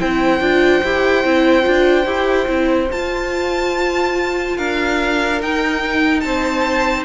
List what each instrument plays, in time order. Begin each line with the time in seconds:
0.00 cello C4, viola E4, violin C5 G5
0.41 cello D4, viola F4
0.84 cello E4, viola G4
1.25 cello C4, viola E4
1.63 cello D4, viola F4
2.06 cello E4, viola G4
2.47 cello C4, viola E4
2.91 cello F4, viola F4, violin A5
4.57 cello D4, violin A#4 F5
5.41 cello D#4, viola D#4, violin G5
6.21 cello C4, violin C5 A5